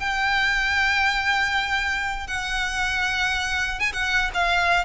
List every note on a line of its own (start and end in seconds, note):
0.00 2.28 G5
2.28 3.80 F#5
3.80 3.93 G#5
3.93 4.31 F#5
4.34 4.85 F5